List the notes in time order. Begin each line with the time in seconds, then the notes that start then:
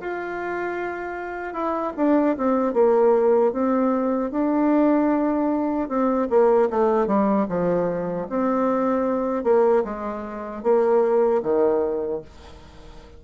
0.00 F4
1.53 E4
1.97 D4
2.37 C4
2.73 A#3
3.52 C4
4.31 D4
5.89 C4
6.29 A#3
6.70 A3
7.07 G3
7.48 F3
8.29 C4
9.44 A#3
9.84 G#3
10.63 A#3
11.43 D#3